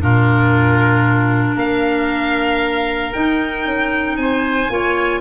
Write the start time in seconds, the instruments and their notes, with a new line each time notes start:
0.00 tuba A#2, clarinet D4, oboe F4, violin A#4
1.55 tuba A#3, oboe A#4, violin F5
3.12 clarinet D#4, tuba D#4, violin G5
3.64 tuba C#4
4.16 tuba C4, oboe C5, violin G#5
4.69 tuba A#3, clarinet F4, oboe C#5